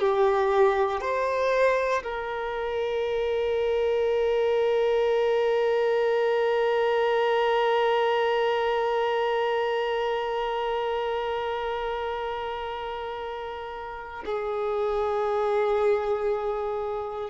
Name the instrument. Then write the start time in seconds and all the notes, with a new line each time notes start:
violin
0.00 G4
1.01 C5
2.04 A#4
14.26 G#4